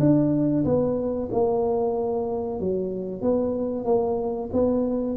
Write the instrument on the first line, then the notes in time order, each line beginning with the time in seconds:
tuba
0.00 D4
0.65 B3
1.31 A#3
2.60 F#3
3.22 B3
3.85 A#3
4.53 B3